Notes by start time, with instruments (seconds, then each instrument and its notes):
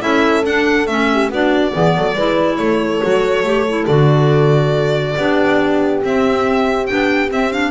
0.00 double bass C#4, clarinet E4, horn A4, violin E5
0.44 clarinet D4, double bass D4, violin F#5
0.86 double bass A3, clarinet C#4, violin E5
1.12 horn G4
1.29 double bass B3, clarinet D4, horn F#4, violin D5
1.72 double bass E3, clarinet B3, horn G#4
1.96 double bass F#3, horn A4
2.14 double bass G#3, clarinet E4, horn B4
2.56 double bass A3, horn A4, violin C#5
3.02 double bass F#3, clarinet F#4
3.43 double bass A3, clarinet G4
3.68 clarinet E4
3.86 double bass D3, clarinet F#4, violin D5
5.15 double bass B3, clarinet D4, horn G4
6.02 clarinet C4, double bass C4, violin E5
6.86 double bass B3, clarinet D4, violin G5
7.28 clarinet C4, double bass C4, violin E5
7.51 clarinet D4, violin F5